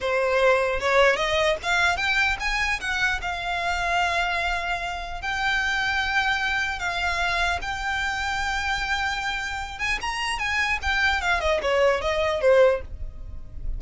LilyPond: \new Staff \with { instrumentName = "violin" } { \time 4/4 \tempo 4 = 150 c''2 cis''4 dis''4 | f''4 g''4 gis''4 fis''4 | f''1~ | f''4 g''2.~ |
g''4 f''2 g''4~ | g''1~ | g''8 gis''8 ais''4 gis''4 g''4 | f''8 dis''8 cis''4 dis''4 c''4 | }